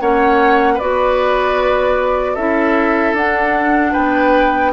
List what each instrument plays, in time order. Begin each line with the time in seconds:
0.00 bassoon A#3, clarinet C#4, oboe C#5, flute F#5
0.74 oboe B4, flute D5
0.80 bassoon B3, clarinet F#4
2.34 bassoon C#4, clarinet E4, oboe A4, flute E5
3.12 bassoon D4, clarinet D4, flute F#5
3.92 bassoon B3, oboe B4, flute G5